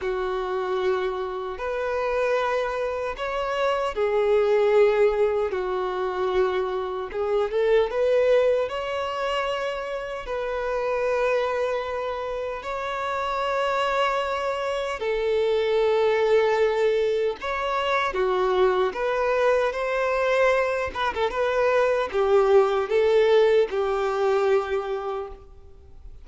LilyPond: \new Staff \with { instrumentName = "violin" } { \time 4/4 \tempo 4 = 76 fis'2 b'2 | cis''4 gis'2 fis'4~ | fis'4 gis'8 a'8 b'4 cis''4~ | cis''4 b'2. |
cis''2. a'4~ | a'2 cis''4 fis'4 | b'4 c''4. b'16 a'16 b'4 | g'4 a'4 g'2 | }